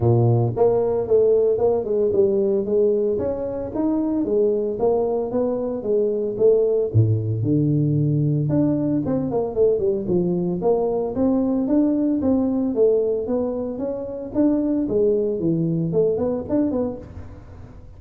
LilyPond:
\new Staff \with { instrumentName = "tuba" } { \time 4/4 \tempo 4 = 113 ais,4 ais4 a4 ais8 gis8 | g4 gis4 cis'4 dis'4 | gis4 ais4 b4 gis4 | a4 a,4 d2 |
d'4 c'8 ais8 a8 g8 f4 | ais4 c'4 d'4 c'4 | a4 b4 cis'4 d'4 | gis4 e4 a8 b8 d'8 b8 | }